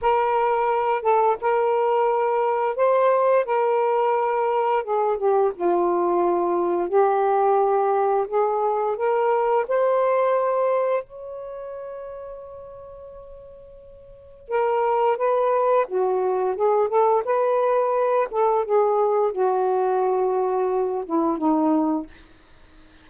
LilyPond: \new Staff \with { instrumentName = "saxophone" } { \time 4/4 \tempo 4 = 87 ais'4. a'8 ais'2 | c''4 ais'2 gis'8 g'8 | f'2 g'2 | gis'4 ais'4 c''2 |
cis''1~ | cis''4 ais'4 b'4 fis'4 | gis'8 a'8 b'4. a'8 gis'4 | fis'2~ fis'8 e'8 dis'4 | }